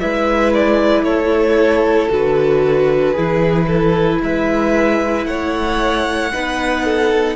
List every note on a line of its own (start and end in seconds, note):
0.00 1.03 G#3
0.00 2.09 E4
0.00 1.05 B4
0.00 0.53 E5
0.54 1.04 D5
1.03 2.09 A3
1.03 3.13 A4
1.03 2.09 C#5
2.09 3.16 D3
2.09 3.14 F#4
2.09 4.22 B4
3.13 4.22 E3
3.13 6.32 E4
3.13 3.66 G#4
3.67 4.20 A4
4.22 5.26 G#3
4.22 5.28 B4
4.22 5.26 E5
5.26 6.31 A3
5.26 6.33 C#5
5.26 7.36 F#5
6.33 7.36 B3
6.33 7.36 D#4
6.33 6.85 B4
6.85 7.36 A4